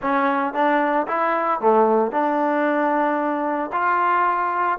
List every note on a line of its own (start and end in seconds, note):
0.02 0.53 C#4
0.53 1.06 D4
1.07 1.60 E4
1.60 2.11 A3
2.11 3.70 D4
3.72 4.78 F4